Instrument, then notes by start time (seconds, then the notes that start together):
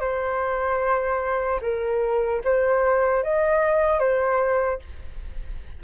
flute
0.00 C5
1.61 A#4
2.44 C5
3.24 D#5
3.99 C5